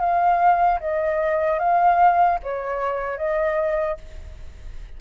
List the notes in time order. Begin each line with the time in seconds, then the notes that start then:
0.00 F5
0.80 D#5
1.59 F5
2.43 C#5
3.18 D#5